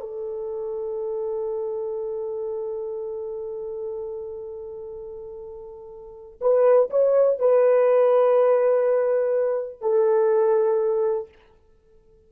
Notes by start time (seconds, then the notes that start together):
0.00 A4
6.40 B4
6.90 C#5
7.39 B4
9.81 A4